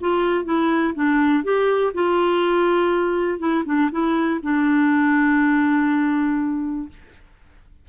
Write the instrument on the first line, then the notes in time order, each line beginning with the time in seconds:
clarinet
0.00 F4
0.44 E4
0.94 D4
1.44 G4
1.93 F4
3.39 E4
3.65 D4
3.91 E4
4.42 D4